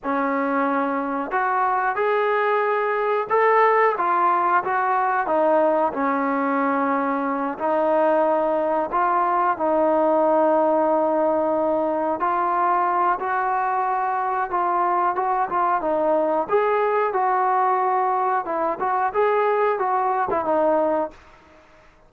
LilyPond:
\new Staff \with { instrumentName = "trombone" } { \time 4/4 \tempo 4 = 91 cis'2 fis'4 gis'4~ | gis'4 a'4 f'4 fis'4 | dis'4 cis'2~ cis'8 dis'8~ | dis'4. f'4 dis'4.~ |
dis'2~ dis'8 f'4. | fis'2 f'4 fis'8 f'8 | dis'4 gis'4 fis'2 | e'8 fis'8 gis'4 fis'8. e'16 dis'4 | }